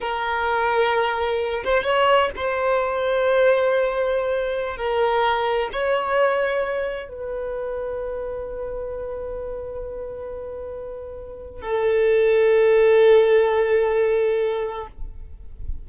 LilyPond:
\new Staff \with { instrumentName = "violin" } { \time 4/4 \tempo 4 = 129 ais'2.~ ais'8 c''8 | cis''4 c''2.~ | c''2~ c''16 ais'4.~ ais'16~ | ais'16 cis''2. b'8.~ |
b'1~ | b'1~ | b'4 a'2.~ | a'1 | }